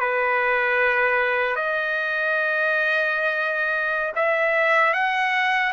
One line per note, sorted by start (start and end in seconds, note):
0.00 1.56 B4
1.56 4.13 D#5
4.15 4.93 E5
4.93 5.72 F#5